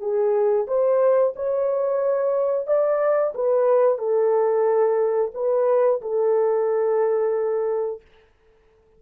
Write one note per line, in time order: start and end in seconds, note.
0.00 0.67 G#4
0.68 1.34 C5
1.36 2.67 C#5
2.67 3.34 D5
3.35 3.98 B4
3.98 5.32 A4
5.34 6.01 B4
6.02 8.02 A4